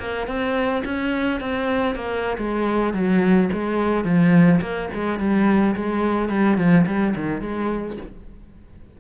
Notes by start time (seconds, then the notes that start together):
0.00 A#3
0.28 C4
0.85 C#4
1.41 C4
1.96 A#3
2.38 G#3
2.94 F#3
3.54 G#3
4.05 F3
4.62 A#3
4.94 G#3
5.20 G3
5.76 G#3
6.30 G3
6.58 F3
6.87 G3
7.16 D#3
7.42 G#3